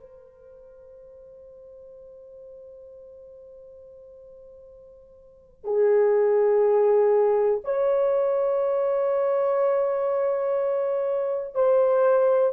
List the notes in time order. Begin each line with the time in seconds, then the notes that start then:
0.00 C5
5.64 G#4
7.64 C#5
11.54 C5